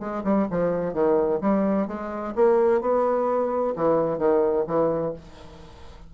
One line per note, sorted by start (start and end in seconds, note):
0.00 0.23 G#3
0.24 0.47 G3
0.51 0.93 F3
0.93 1.40 D#3
1.41 1.88 G3
1.88 2.34 G#3
2.36 2.81 A#3
2.81 3.74 B3
3.76 4.18 E3
4.18 4.65 D#3
4.67 5.14 E3